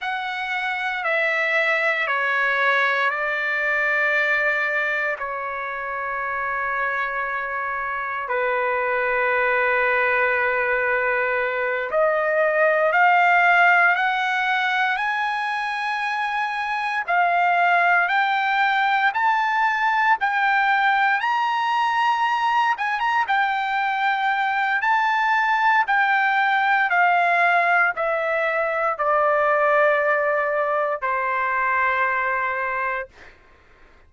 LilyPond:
\new Staff \with { instrumentName = "trumpet" } { \time 4/4 \tempo 4 = 58 fis''4 e''4 cis''4 d''4~ | d''4 cis''2. | b'2.~ b'8 dis''8~ | dis''8 f''4 fis''4 gis''4.~ |
gis''8 f''4 g''4 a''4 g''8~ | g''8 ais''4. gis''16 ais''16 g''4. | a''4 g''4 f''4 e''4 | d''2 c''2 | }